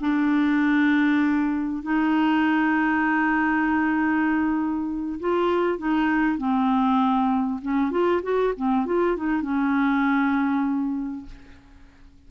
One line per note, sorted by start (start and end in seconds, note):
0.00 1.82 D4
1.82 5.19 D#4
5.20 5.78 F4
5.78 6.38 D#4
6.38 7.60 C4
7.62 7.91 C#4
7.91 8.21 F4
8.23 8.53 F#4
8.56 8.86 C4
8.86 9.16 F4
9.16 9.42 D#4
9.42 11.25 C#4